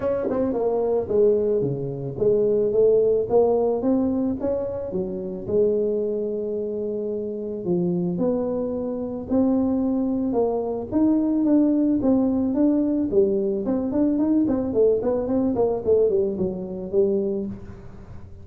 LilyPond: \new Staff \with { instrumentName = "tuba" } { \time 4/4 \tempo 4 = 110 cis'8 c'8 ais4 gis4 cis4 | gis4 a4 ais4 c'4 | cis'4 fis4 gis2~ | gis2 f4 b4~ |
b4 c'2 ais4 | dis'4 d'4 c'4 d'4 | g4 c'8 d'8 dis'8 c'8 a8 b8 | c'8 ais8 a8 g8 fis4 g4 | }